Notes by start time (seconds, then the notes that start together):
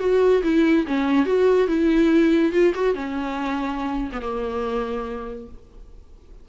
0.00 F#4
0.44 E4
0.87 C#4
1.26 F#4
1.68 E4
2.53 F4
2.75 F#4
2.95 C#4
4.13 B3
4.22 A#3